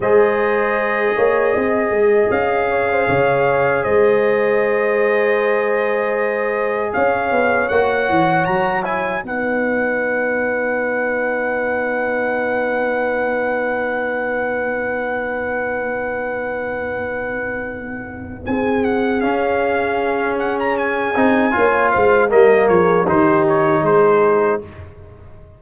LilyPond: <<
  \new Staff \with { instrumentName = "trumpet" } { \time 4/4 \tempo 4 = 78 dis''2. f''4~ | f''4 dis''2.~ | dis''4 f''4 fis''4 ais''8 gis''8 | fis''1~ |
fis''1~ | fis''1 | gis''8 fis''8 f''4. fis''16 ais''16 gis''4~ | gis''8 f''8 dis''8 cis''8 c''8 cis''8 c''4 | }
  \new Staff \with { instrumentName = "horn" } { \time 4/4 c''4. cis''8 dis''4. cis''16 c''16 | cis''4 c''2.~ | c''4 cis''2. | b'1~ |
b'1~ | b'1 | gis'1 | cis''8 c''8 ais'8 gis'8 g'4 gis'4 | }
  \new Staff \with { instrumentName = "trombone" } { \time 4/4 gis'1~ | gis'1~ | gis'2 fis'4. e'8 | dis'1~ |
dis'1~ | dis'1~ | dis'4 cis'2~ cis'8 dis'8 | f'4 ais4 dis'2 | }
  \new Staff \with { instrumentName = "tuba" } { \time 4/4 gis4. ais8 c'8 gis8 cis'4 | cis4 gis2.~ | gis4 cis'8 b8 ais8 e8 fis4 | b1~ |
b1~ | b1 | c'4 cis'2~ cis'8 c'8 | ais8 gis8 g8 f8 dis4 gis4 | }
>>